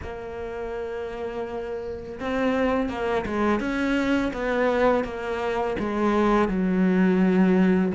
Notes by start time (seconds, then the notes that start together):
0.02 A#3
2.20 C4
2.89 A#3
3.26 G#3
3.59 C#4
4.33 B3
5.04 A#3
5.79 G#3
6.48 F#3